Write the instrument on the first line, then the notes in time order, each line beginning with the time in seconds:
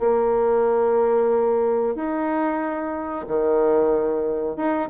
bassoon
0.00 A#3
1.95 D#4
3.28 D#3
4.57 D#4